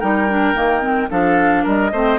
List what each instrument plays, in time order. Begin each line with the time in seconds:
0.00 bassoon G3, clarinet D#4, oboe A#4, flute G5
0.29 clarinet D4
0.55 bassoon D#3, clarinet A#3
0.81 clarinet C4
1.10 bassoon F3, clarinet D4, oboe A4, flute F5
1.64 bassoon G3, oboe A#4, flute D#5
1.93 bassoon A3, clarinet C4, oboe C5